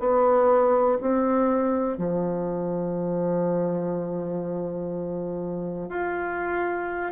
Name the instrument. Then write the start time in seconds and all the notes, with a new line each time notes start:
bassoon
0.00 B3
1.01 C4
1.98 F3
5.89 F4